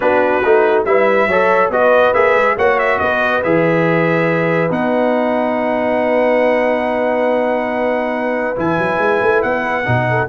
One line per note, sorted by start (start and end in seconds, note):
0.00 0.43 B3
0.00 0.42 D4
0.00 0.87 F#4
0.00 0.83 B4
0.43 0.85 A3
0.43 0.86 D#4
0.85 1.27 G3
0.85 1.29 E4
0.85 1.28 B4
0.85 1.70 E5
1.27 1.69 F#3
1.27 1.72 A4
1.27 1.71 C#5
1.69 2.12 B3
1.69 2.14 F#4
1.69 2.56 B4
1.69 2.13 D#5
2.13 2.35 A#3
2.13 2.57 G#4
2.13 2.56 E5
2.35 2.56 G#3
2.56 3.00 A#3
2.56 3.43 F#4
2.56 2.99 C#5
2.56 2.78 F#5
2.78 2.99 E5
2.99 3.43 B3
2.99 10.08 B4
2.99 3.41 D#5
3.43 4.70 E3
3.43 4.70 G#4
3.43 4.71 E5
4.70 8.56 B3
4.70 8.55 D#4
4.70 8.57 F#5
8.56 8.78 E3
8.56 9.84 E4
8.56 9.41 G#5
8.78 8.98 F#3
8.98 9.19 G#3
9.21 9.42 A3
9.41 9.86 B3
9.41 10.27 F#5
9.85 10.28 B2
9.85 10.28 D#4
10.09 10.28 A4